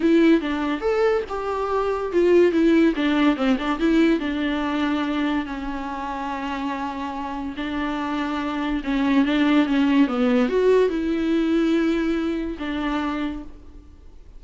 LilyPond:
\new Staff \with { instrumentName = "viola" } { \time 4/4 \tempo 4 = 143 e'4 d'4 a'4 g'4~ | g'4 f'4 e'4 d'4 | c'8 d'8 e'4 d'2~ | d'4 cis'2.~ |
cis'2 d'2~ | d'4 cis'4 d'4 cis'4 | b4 fis'4 e'2~ | e'2 d'2 | }